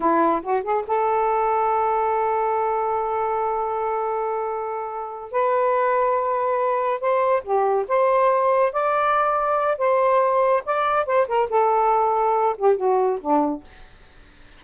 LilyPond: \new Staff \with { instrumentName = "saxophone" } { \time 4/4 \tempo 4 = 141 e'4 fis'8 gis'8 a'2~ | a'1~ | a'1~ | a'8 b'2.~ b'8~ |
b'8 c''4 g'4 c''4.~ | c''8 d''2~ d''8 c''4~ | c''4 d''4 c''8 ais'8 a'4~ | a'4. g'8 fis'4 d'4 | }